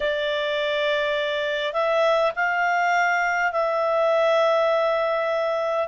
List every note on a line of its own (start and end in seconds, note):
0.00 1.73 D5
1.73 2.32 E5
2.35 3.52 F5
3.52 5.87 E5